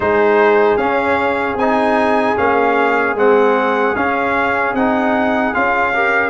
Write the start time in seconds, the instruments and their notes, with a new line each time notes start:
0.00 tuba G#3, trombone D#4, horn G#4, trumpet C5
0.77 tuba C#4, trombone C#4, trumpet F5
1.54 tuba C4, trumpet G#5
1.60 trombone D#4
2.37 tuba A#3, trombone C#4, trumpet F5
3.14 tuba G#3, trombone C4, trumpet F#5
3.95 tuba C#4, trombone C#4, trumpet F5
4.73 tuba C4, trombone D#4, trumpet F#5
5.53 tuba C#4, trombone F4, trumpet F5
5.93 trombone G4, horn A#4